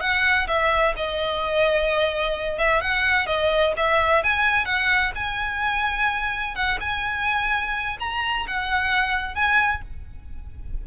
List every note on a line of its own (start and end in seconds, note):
0.00 0.47 F#5
0.47 0.94 E5
0.96 2.58 D#5
2.58 2.81 E5
2.81 3.26 F#5
3.26 3.73 D#5
3.76 4.23 E5
4.23 4.65 G#5
4.65 5.12 F#5
5.15 6.55 G#5
6.55 6.78 F#5
6.80 7.97 G#5
7.99 8.46 A#5
8.47 9.34 F#5
9.34 9.81 G#5